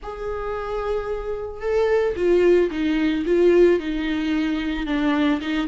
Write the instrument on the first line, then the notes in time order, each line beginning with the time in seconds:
viola
0.02 G#4
1.61 A4
2.15 F4
2.71 D#4
3.25 F4
3.79 D#4
4.86 D4
5.41 D#4